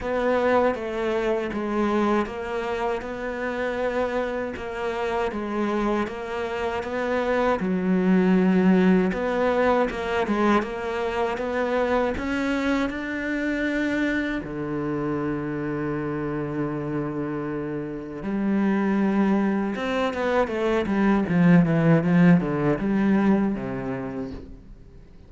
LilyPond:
\new Staff \with { instrumentName = "cello" } { \time 4/4 \tempo 4 = 79 b4 a4 gis4 ais4 | b2 ais4 gis4 | ais4 b4 fis2 | b4 ais8 gis8 ais4 b4 |
cis'4 d'2 d4~ | d1 | g2 c'8 b8 a8 g8 | f8 e8 f8 d8 g4 c4 | }